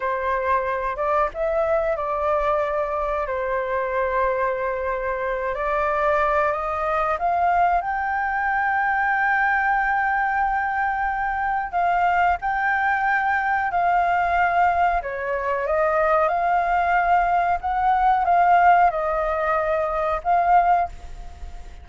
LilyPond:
\new Staff \with { instrumentName = "flute" } { \time 4/4 \tempo 4 = 92 c''4. d''8 e''4 d''4~ | d''4 c''2.~ | c''8 d''4. dis''4 f''4 | g''1~ |
g''2 f''4 g''4~ | g''4 f''2 cis''4 | dis''4 f''2 fis''4 | f''4 dis''2 f''4 | }